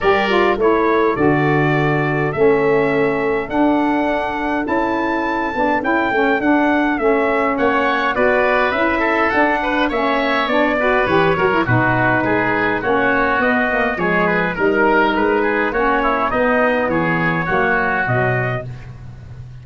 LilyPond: <<
  \new Staff \with { instrumentName = "trumpet" } { \time 4/4 \tempo 4 = 103 d''4 cis''4 d''2 | e''2 fis''2 | a''2 g''4 fis''4 | e''4 fis''4 d''4 e''4 |
fis''4 e''4 d''4 cis''4 | b'2 cis''4 dis''4 | cis''8 b'8 ais'4 b'4 cis''4 | dis''4 cis''2 dis''4 | }
  \new Staff \with { instrumentName = "oboe" } { \time 4/4 ais'4 a'2.~ | a'1~ | a'1~ | a'4 cis''4 b'4. a'8~ |
a'8 b'8 cis''4. b'4 ais'8 | fis'4 gis'4 fis'2 | gis'4 ais'4. gis'8 fis'8 e'8 | dis'4 gis'4 fis'2 | }
  \new Staff \with { instrumentName = "saxophone" } { \time 4/4 g'8 f'8 e'4 fis'2 | cis'2 d'2 | e'4. d'8 e'8 cis'8 d'4 | cis'2 fis'4 e'4 |
d'4 cis'4 d'8 fis'8 g'8 fis'16 e'16 | dis'2 cis'4 b8 ais8 | gis4 dis'2 cis'4 | b2 ais4 fis4 | }
  \new Staff \with { instrumentName = "tuba" } { \time 4/4 g4 a4 d2 | a2 d'2 | cis'4. b8 cis'8 a8 d'4 | a4 ais4 b4 cis'4 |
d'4 ais4 b4 e8 fis8 | b,4 gis4 ais4 b4 | f4 g4 gis4 ais4 | b4 e4 fis4 b,4 | }
>>